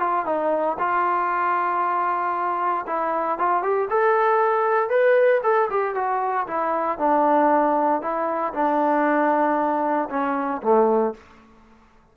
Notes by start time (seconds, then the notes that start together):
0.00 F4
0.26 D#4
0.79 F4
2.87 E4
3.38 F4
3.63 G4
3.90 A4
4.90 B4
5.43 A4
5.70 G4
5.95 F#4
6.47 E4
6.99 D4
8.02 E4
8.54 D4
10.10 C#4
10.62 A3